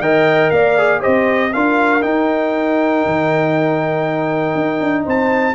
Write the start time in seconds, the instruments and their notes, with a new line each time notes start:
0.00 tuba D#3, trombone A#4, horn D#5, trumpet G5
0.50 tuba A#3, horn D5, trumpet F5
0.78 trombone G#4
1.01 tuba C4, trombone G4, horn C5, trumpet D#5
1.53 tuba D4, trombone F4, horn A#4, trumpet F5
2.02 trombone D#4, tuba D#4, trumpet G5
3.06 tuba D#3
4.55 tuba D#4
4.81 tuba D4
5.04 tuba C4, horn C5, trumpet A5